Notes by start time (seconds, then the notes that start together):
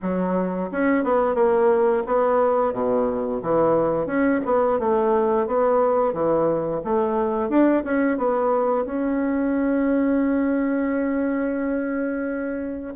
0.02 F#3
0.71 C#4
1.04 B3
1.35 A#3
2.06 B3
2.72 B2
3.42 E3
4.06 C#4
4.45 B3
4.79 A3
5.47 B3
6.13 E3
6.84 A3
7.49 D4
7.83 C#4
8.17 B3
8.85 C#4